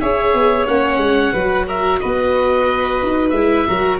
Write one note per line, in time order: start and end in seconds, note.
0.00 0.34 C#4
0.00 0.67 G#4
0.00 1.33 C#5
0.00 0.66 E5
0.34 0.67 B3
0.66 0.97 A#3
0.66 1.34 C#4
0.66 1.66 F#5
0.97 1.31 G#3
1.33 2.00 F#3
1.33 3.35 F#4
1.33 1.66 B4
1.66 2.00 A#4
1.66 1.99 E5
1.99 3.02 B3
1.99 3.67 B4
1.99 3.29 D#5
3.02 3.32 D#4
3.29 3.65 G#3
3.29 3.67 E4
3.29 3.96 E5
3.67 4.00 F#3
3.67 4.00 F#4
3.67 4.00 A#4